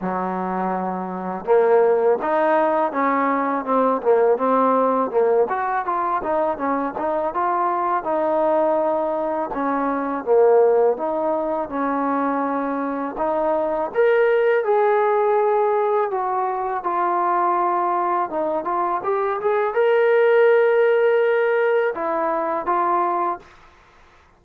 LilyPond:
\new Staff \with { instrumentName = "trombone" } { \time 4/4 \tempo 4 = 82 fis2 ais4 dis'4 | cis'4 c'8 ais8 c'4 ais8 fis'8 | f'8 dis'8 cis'8 dis'8 f'4 dis'4~ | dis'4 cis'4 ais4 dis'4 |
cis'2 dis'4 ais'4 | gis'2 fis'4 f'4~ | f'4 dis'8 f'8 g'8 gis'8 ais'4~ | ais'2 e'4 f'4 | }